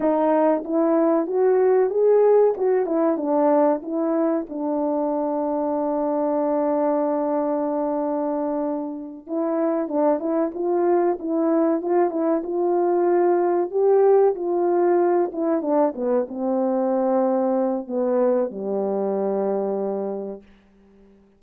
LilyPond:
\new Staff \with { instrumentName = "horn" } { \time 4/4 \tempo 4 = 94 dis'4 e'4 fis'4 gis'4 | fis'8 e'8 d'4 e'4 d'4~ | d'1~ | d'2~ d'8 e'4 d'8 |
e'8 f'4 e'4 f'8 e'8 f'8~ | f'4. g'4 f'4. | e'8 d'8 b8 c'2~ c'8 | b4 g2. | }